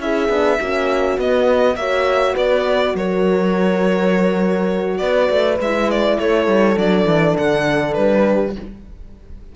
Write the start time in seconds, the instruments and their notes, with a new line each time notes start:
0.00 cello C#4, horn E4 G#4, violin E5
0.29 cello B3, horn D4
0.59 cello A#3, horn C#4 F#4
1.18 cello B3, horn B3, violin D#5
1.76 cello A#3, horn F#4 C#5, violin E5
2.34 cello B3, horn B4, violin D5
2.94 cello F#3, horn A#4, violin C#5
4.98 cello B3, violin D5
5.04 horn B4
5.30 cello A3
5.60 cello G#3, horn E4, violin E5
5.91 violin D5
6.20 cello A3, horn A4, violin C#5
6.48 cello G3
6.77 cello F#3, horn D4, violin D5
7.06 cello E3
7.38 cello D3, violin F#5
7.94 cello G3, violin B4
8.26 horn G4